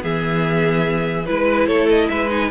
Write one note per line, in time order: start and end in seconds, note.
0.00 1.28 E3
0.00 1.24 B3
0.00 1.27 G#4
0.00 1.26 E5
1.26 1.68 G#3
1.26 2.30 E4
1.26 1.67 B4
1.67 2.10 A3
1.67 2.09 A4
1.67 1.88 C#5
1.90 2.09 D#5
2.09 2.51 G#3
2.09 2.51 B4
2.09 2.30 E5
2.30 2.50 D#4
2.30 2.51 G#5